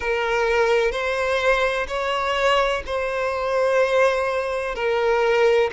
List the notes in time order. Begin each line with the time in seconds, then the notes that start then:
0.00 A#4
0.91 C5
1.87 C#5
2.86 C5
4.75 A#4